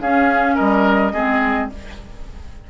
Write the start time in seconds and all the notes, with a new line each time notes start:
0.00 C#4 G#4 F5
0.55 G3 A#4 D#5
1.12 G#3 C4 G#4